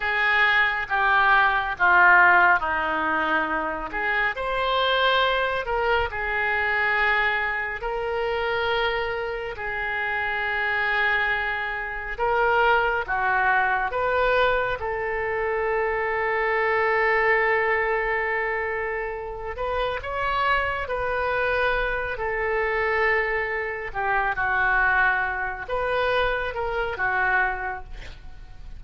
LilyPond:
\new Staff \with { instrumentName = "oboe" } { \time 4/4 \tempo 4 = 69 gis'4 g'4 f'4 dis'4~ | dis'8 gis'8 c''4. ais'8 gis'4~ | gis'4 ais'2 gis'4~ | gis'2 ais'4 fis'4 |
b'4 a'2.~ | a'2~ a'8 b'8 cis''4 | b'4. a'2 g'8 | fis'4. b'4 ais'8 fis'4 | }